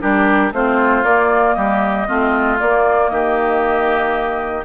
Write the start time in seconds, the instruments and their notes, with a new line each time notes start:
0.00 bassoon G3, clarinet D4, oboe G4, flute A#4
0.52 bassoon A3, clarinet C4, oboe F4, flute C5
1.04 bassoon A#3, clarinet A#3, flute D5
1.54 bassoon G3, oboe G4, flute D#5
2.07 bassoon A3, clarinet C4, oboe F4
2.59 clarinet A#3, bassoon A#3, flute D5
3.09 bassoon D#3, oboe G4, flute D#5